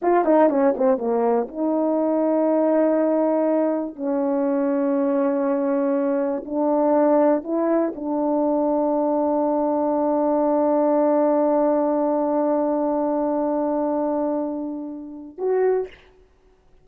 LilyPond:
\new Staff \with { instrumentName = "horn" } { \time 4/4 \tempo 4 = 121 f'8 dis'8 cis'8 c'8 ais4 dis'4~ | dis'1 | cis'1~ | cis'4 d'2 e'4 |
d'1~ | d'1~ | d'1~ | d'2. fis'4 | }